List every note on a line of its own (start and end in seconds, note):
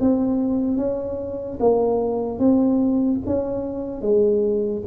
0.00 0.77 C4
0.77 1.58 C#4
1.59 2.39 A#3
2.39 3.20 C4
3.26 4.01 C#4
4.01 4.82 G#3